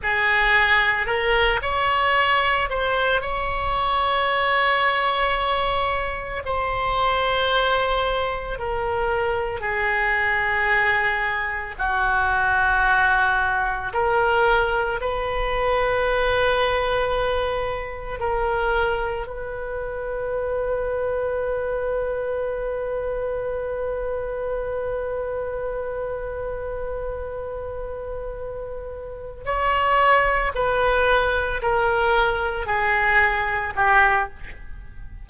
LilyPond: \new Staff \with { instrumentName = "oboe" } { \time 4/4 \tempo 4 = 56 gis'4 ais'8 cis''4 c''8 cis''4~ | cis''2 c''2 | ais'4 gis'2 fis'4~ | fis'4 ais'4 b'2~ |
b'4 ais'4 b'2~ | b'1~ | b'2.~ b'8 cis''8~ | cis''8 b'4 ais'4 gis'4 g'8 | }